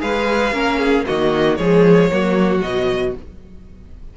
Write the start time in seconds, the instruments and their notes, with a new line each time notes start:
0.00 cello G#3, viola G#4, violin B4 F5
0.52 cello A#3, viola C#4, violin A#4
0.79 violin G#4
1.07 cello D#3, viola A#3, violin F#4 D#5
1.57 cello F3, viola G#3, violin G#4 C#5
2.12 cello F#3, viola A#3, violin F#4
2.60 cello B2, viola F#3, violin D#5